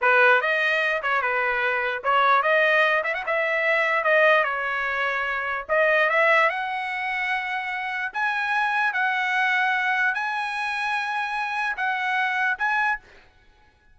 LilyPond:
\new Staff \with { instrumentName = "trumpet" } { \time 4/4 \tempo 4 = 148 b'4 dis''4. cis''8 b'4~ | b'4 cis''4 dis''4. e''16 fis''16 | e''2 dis''4 cis''4~ | cis''2 dis''4 e''4 |
fis''1 | gis''2 fis''2~ | fis''4 gis''2.~ | gis''4 fis''2 gis''4 | }